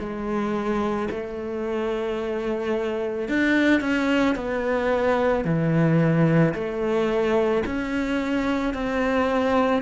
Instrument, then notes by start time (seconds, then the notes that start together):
cello
0.00 G#3
1.11 A3
3.29 D4
3.81 C#4
4.36 B3
5.45 E3
6.55 A3
7.67 C#4
8.74 C4